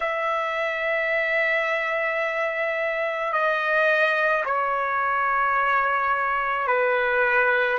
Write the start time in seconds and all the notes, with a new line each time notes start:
0.00 E5
3.32 D#5
4.45 C#5
6.67 B4